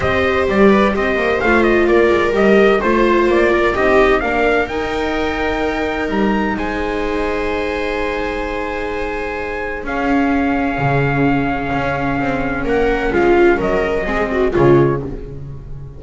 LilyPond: <<
  \new Staff \with { instrumentName = "trumpet" } { \time 4/4 \tempo 4 = 128 dis''4 d''4 dis''4 f''8 dis''8 | d''4 dis''4 c''4 d''4 | dis''4 f''4 g''2~ | g''4 ais''4 gis''2~ |
gis''1~ | gis''4 f''2.~ | f''2. fis''4 | f''4 dis''2 cis''4 | }
  \new Staff \with { instrumentName = "viola" } { \time 4/4 c''4. b'8 c''2 | ais'2 c''4. ais'8 | g'4 ais'2.~ | ais'2 c''2~ |
c''1~ | c''4 gis'2.~ | gis'2. ais'4 | f'4 ais'4 gis'8 fis'8 f'4 | }
  \new Staff \with { instrumentName = "viola" } { \time 4/4 g'2. f'4~ | f'4 g'4 f'2 | dis'4 d'4 dis'2~ | dis'1~ |
dis'1~ | dis'4 cis'2.~ | cis'1~ | cis'2 c'4 gis4 | }
  \new Staff \with { instrumentName = "double bass" } { \time 4/4 c'4 g4 c'8 ais8 a4 | ais8 gis8 g4 a4 ais4 | c'4 ais4 dis'2~ | dis'4 g4 gis2~ |
gis1~ | gis4 cis'2 cis4~ | cis4 cis'4 c'4 ais4 | gis4 fis4 gis4 cis4 | }
>>